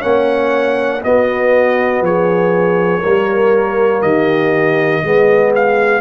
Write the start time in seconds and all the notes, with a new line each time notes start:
0.00 A#3 C#4 C#5 F#5
1.02 B3 F#4 D#5
2.02 F3 G#4 C#5
3.01 G3 A#3 A#4
4.02 D#3 G4 D#5
5.04 G#3 B3 G#4
5.56 F5